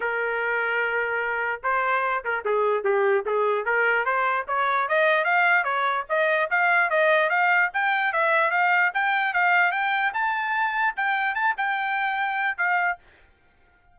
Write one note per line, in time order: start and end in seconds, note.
0.00 1.61 A#4
1.63 2.24 C5
2.24 2.44 A#4
2.44 2.84 G#4
2.84 3.24 G4
3.25 3.65 G#4
3.65 4.05 A#4
4.05 4.45 C5
4.47 4.88 C#5
4.88 5.24 D#5
5.24 5.64 F5
5.64 6.04 C#5
6.09 6.49 D#5
6.50 6.90 F5
6.90 7.29 D#5
7.29 7.70 F5
7.73 8.12 G5
8.12 8.50 E5
8.50 8.91 F5
8.94 9.33 G5
9.33 9.71 F5
9.71 10.12 G5
10.13 10.94 A5
10.96 11.34 G5
11.34 11.54 A5
11.57 12.57 G5
12.57 12.98 F5